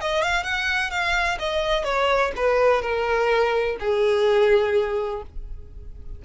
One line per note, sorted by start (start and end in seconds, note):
0.00 0.22 D#5
0.22 0.43 F5
0.43 0.90 F#5
0.90 1.38 F5
1.39 1.84 D#5
1.84 2.31 C#5
2.36 2.81 B4
2.81 3.77 A#4
3.79 5.22 G#4